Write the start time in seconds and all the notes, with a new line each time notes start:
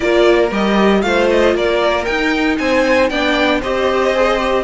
0.00 A#3 F4 A#4 D5
0.51 G3 G4 D#5
1.01 A3 F4 C5 F5
1.29 D#5
1.55 A#3 A#4 D5
2.04 D#4 G5
2.58 C4 C5 G#5
3.09 B3 D4 D5 G5
3.60 C4 G4 C5 D#5
4.15 G#4
4.38 G4